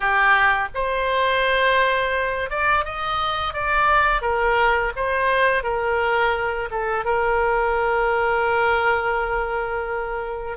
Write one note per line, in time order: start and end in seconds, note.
0.00 0.68 G4
0.74 2.50 C5
2.50 2.84 D5
2.84 3.53 D#5
3.53 4.21 D5
4.21 4.92 A#4
4.95 5.63 C5
5.63 6.69 A#4
6.71 7.05 A4
7.05 10.57 A#4